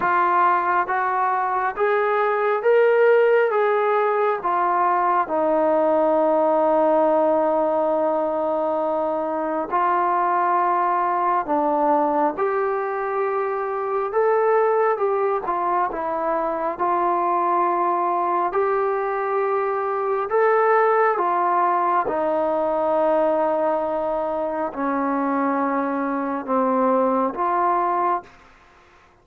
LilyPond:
\new Staff \with { instrumentName = "trombone" } { \time 4/4 \tempo 4 = 68 f'4 fis'4 gis'4 ais'4 | gis'4 f'4 dis'2~ | dis'2. f'4~ | f'4 d'4 g'2 |
a'4 g'8 f'8 e'4 f'4~ | f'4 g'2 a'4 | f'4 dis'2. | cis'2 c'4 f'4 | }